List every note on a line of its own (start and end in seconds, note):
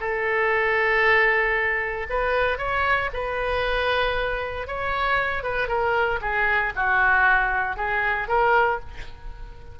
0.00 2.07 A4
2.10 2.58 B4
2.58 3.10 C#5
3.13 4.67 B4
4.67 5.44 C#5
5.44 5.68 B4
5.68 6.20 A#4
6.21 6.73 G#4
6.76 7.76 F#4
7.76 8.28 G#4
8.28 8.80 A#4